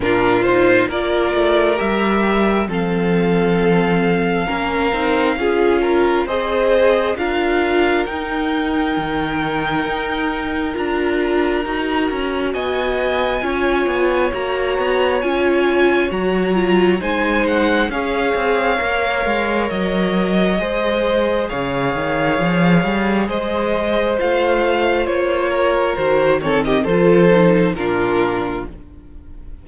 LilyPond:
<<
  \new Staff \with { instrumentName = "violin" } { \time 4/4 \tempo 4 = 67 ais'8 c''8 d''4 e''4 f''4~ | f''2. dis''4 | f''4 g''2. | ais''2 gis''2 |
ais''4 gis''4 ais''4 gis''8 fis''8 | f''2 dis''2 | f''2 dis''4 f''4 | cis''4 c''8 cis''16 dis''16 c''4 ais'4 | }
  \new Staff \with { instrumentName = "violin" } { \time 4/4 f'4 ais'2 a'4~ | a'4 ais'4 gis'8 ais'8 c''4 | ais'1~ | ais'2 dis''4 cis''4~ |
cis''2. c''4 | cis''2. c''4 | cis''2 c''2~ | c''8 ais'4 a'16 g'16 a'4 f'4 | }
  \new Staff \with { instrumentName = "viola" } { \time 4/4 d'8 dis'8 f'4 g'4 c'4~ | c'4 cis'8 dis'8 f'4 gis'4 | f'4 dis'2. | f'4 fis'2 f'4 |
fis'4 f'4 fis'8 f'8 dis'4 | gis'4 ais'2 gis'4~ | gis'2. f'4~ | f'4 fis'8 c'8 f'8 dis'8 d'4 | }
  \new Staff \with { instrumentName = "cello" } { \time 4/4 ais,4 ais8 a8 g4 f4~ | f4 ais8 c'8 cis'4 c'4 | d'4 dis'4 dis4 dis'4 | d'4 dis'8 cis'8 b4 cis'8 b8 |
ais8 b8 cis'4 fis4 gis4 | cis'8 c'8 ais8 gis8 fis4 gis4 | cis8 dis8 f8 g8 gis4 a4 | ais4 dis4 f4 ais,4 | }
>>